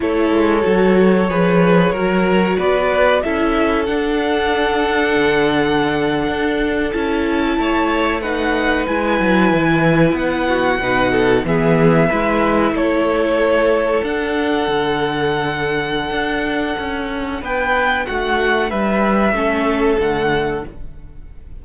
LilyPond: <<
  \new Staff \with { instrumentName = "violin" } { \time 4/4 \tempo 4 = 93 cis''1 | d''4 e''4 fis''2~ | fis''2~ fis''8. a''4~ a''16~ | a''8. fis''4 gis''2 fis''16~ |
fis''4.~ fis''16 e''2 cis''16~ | cis''4.~ cis''16 fis''2~ fis''16~ | fis''2. g''4 | fis''4 e''2 fis''4 | }
  \new Staff \with { instrumentName = "violin" } { \time 4/4 a'2 b'4 ais'4 | b'4 a'2.~ | a'2.~ a'8. cis''16~ | cis''8. b'2.~ b'16~ |
b'16 fis'8 b'8 a'8 gis'4 b'4 a'16~ | a'1~ | a'2. b'4 | fis'4 b'4 a'2 | }
  \new Staff \with { instrumentName = "viola" } { \time 4/4 e'4 fis'4 gis'4 fis'4~ | fis'4 e'4 d'2~ | d'2~ d'8. e'4~ e'16~ | e'8. dis'4 e'2~ e'16~ |
e'8. dis'4 b4 e'4~ e'16~ | e'4.~ e'16 d'2~ d'16~ | d'1~ | d'2 cis'4 a4 | }
  \new Staff \with { instrumentName = "cello" } { \time 4/4 a8 gis8 fis4 f4 fis4 | b4 cis'4 d'2 | d4.~ d16 d'4 cis'4 a16~ | a4.~ a16 gis8 fis8 e4 b16~ |
b8. b,4 e4 gis4 a16~ | a4.~ a16 d'4 d4~ d16~ | d4 d'4 cis'4 b4 | a4 g4 a4 d4 | }
>>